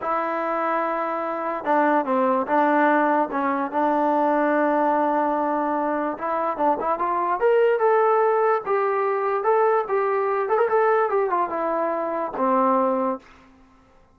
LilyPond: \new Staff \with { instrumentName = "trombone" } { \time 4/4 \tempo 4 = 146 e'1 | d'4 c'4 d'2 | cis'4 d'2.~ | d'2. e'4 |
d'8 e'8 f'4 ais'4 a'4~ | a'4 g'2 a'4 | g'4. a'16 ais'16 a'4 g'8 f'8 | e'2 c'2 | }